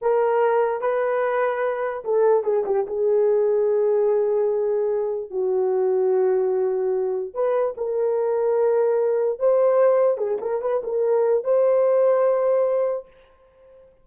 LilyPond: \new Staff \with { instrumentName = "horn" } { \time 4/4 \tempo 4 = 147 ais'2 b'2~ | b'4 a'4 gis'8 g'8 gis'4~ | gis'1~ | gis'4 fis'2.~ |
fis'2 b'4 ais'4~ | ais'2. c''4~ | c''4 gis'8 ais'8 b'8 ais'4. | c''1 | }